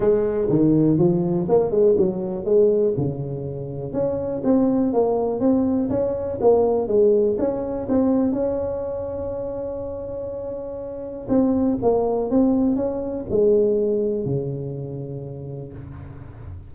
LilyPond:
\new Staff \with { instrumentName = "tuba" } { \time 4/4 \tempo 4 = 122 gis4 dis4 f4 ais8 gis8 | fis4 gis4 cis2 | cis'4 c'4 ais4 c'4 | cis'4 ais4 gis4 cis'4 |
c'4 cis'2.~ | cis'2. c'4 | ais4 c'4 cis'4 gis4~ | gis4 cis2. | }